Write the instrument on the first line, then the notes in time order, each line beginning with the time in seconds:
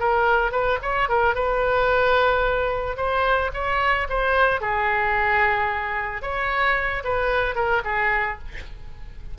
oboe
0.00 A#4
0.52 B4
0.82 C#5
1.09 A#4
1.35 B4
2.97 C5
3.54 C#5
4.09 C5
4.61 G#4
6.22 C#5
7.04 B4
7.55 A#4
7.85 G#4